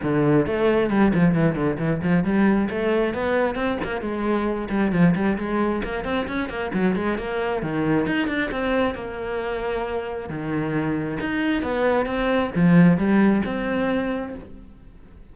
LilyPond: \new Staff \with { instrumentName = "cello" } { \time 4/4 \tempo 4 = 134 d4 a4 g8 f8 e8 d8 | e8 f8 g4 a4 b4 | c'8 ais8 gis4. g8 f8 g8 | gis4 ais8 c'8 cis'8 ais8 fis8 gis8 |
ais4 dis4 dis'8 d'8 c'4 | ais2. dis4~ | dis4 dis'4 b4 c'4 | f4 g4 c'2 | }